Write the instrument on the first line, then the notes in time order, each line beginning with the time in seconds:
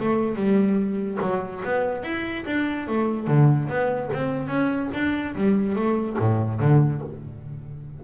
double bass
0.00 A3
0.36 G3
1.22 F#3
1.65 B3
2.04 E4
2.47 D4
2.88 A3
3.28 D3
3.69 B3
4.13 C4
4.48 C#4
4.94 D4
5.35 G3
5.76 A3
6.19 A2
6.61 D3